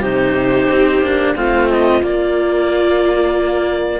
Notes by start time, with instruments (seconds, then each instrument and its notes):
0.00 cello C3 D#4, viola G4, clarinet C5
0.71 cello C4
1.01 cello A#3 D4
1.35 cello A3 C4, viola F4, clarinet F5
1.69 clarinet D#5
2.01 cello A#3, clarinet D5